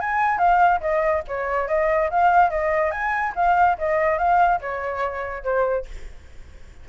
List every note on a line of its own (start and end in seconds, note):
0.00 0.38 G#5
0.38 0.80 F5
0.80 1.22 D#5
1.28 1.68 C#5
1.68 2.10 D#5
2.10 2.50 F5
2.50 2.91 D#5
2.91 3.33 G#5
3.35 3.77 F5
3.78 4.18 D#5
4.18 4.60 F5
4.61 5.44 C#5
5.44 5.86 C5